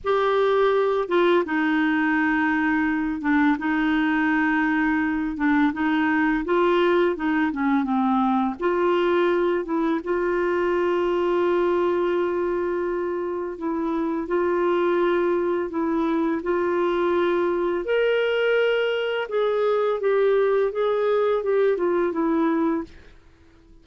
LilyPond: \new Staff \with { instrumentName = "clarinet" } { \time 4/4 \tempo 4 = 84 g'4. f'8 dis'2~ | dis'8 d'8 dis'2~ dis'8 d'8 | dis'4 f'4 dis'8 cis'8 c'4 | f'4. e'8 f'2~ |
f'2. e'4 | f'2 e'4 f'4~ | f'4 ais'2 gis'4 | g'4 gis'4 g'8 f'8 e'4 | }